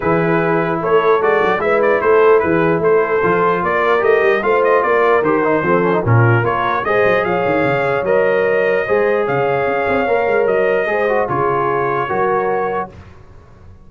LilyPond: <<
  \new Staff \with { instrumentName = "trumpet" } { \time 4/4 \tempo 4 = 149 b'2 cis''4 d''4 | e''8 d''8 c''4 b'4 c''4~ | c''4 d''4 dis''4 f''8 dis''8 | d''4 c''2 ais'4 |
cis''4 dis''4 f''2 | dis''2. f''4~ | f''2 dis''2 | cis''1 | }
  \new Staff \with { instrumentName = "horn" } { \time 4/4 gis'2 a'2 | b'4 a'4 gis'4 a'4~ | a'4 ais'2 c''4 | ais'2 a'4 f'4 |
ais'4 c''4 cis''2~ | cis''2 c''4 cis''4~ | cis''2. c''4 | gis'2 ais'2 | }
  \new Staff \with { instrumentName = "trombone" } { \time 4/4 e'2. fis'4 | e'1 | f'2 g'4 f'4~ | f'4 g'8 dis'8 c'8 cis'16 dis'16 cis'4 |
f'4 gis'2. | ais'2 gis'2~ | gis'4 ais'2 gis'8 fis'8 | f'2 fis'2 | }
  \new Staff \with { instrumentName = "tuba" } { \time 4/4 e2 a4 gis8 fis8 | gis4 a4 e4 a4 | f4 ais4 a8 g8 a4 | ais4 dis4 f4 ais,4 |
ais4 gis8 fis8 f8 dis8 cis4 | fis2 gis4 cis4 | cis'8 c'8 ais8 gis8 fis4 gis4 | cis2 fis2 | }
>>